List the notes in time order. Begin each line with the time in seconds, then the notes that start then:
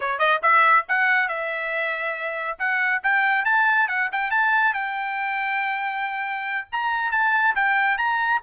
0.00 C#5
0.18 D#5
0.42 E5
0.88 F#5
1.28 E5
2.58 F#5
3.03 G5
3.44 A5
3.88 F#5
4.12 G5
4.30 A5
4.73 G5
6.71 A#5
7.11 A5
7.55 G5
7.97 A#5